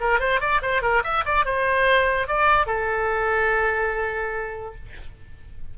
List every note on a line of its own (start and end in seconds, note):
0.00 0.19 A#4
0.19 0.40 C5
0.40 0.61 D5
0.62 0.82 C5
0.82 1.03 A#4
1.03 1.24 E5
1.25 1.45 D5
1.45 2.27 C5
2.27 2.66 D5
2.66 4.75 A4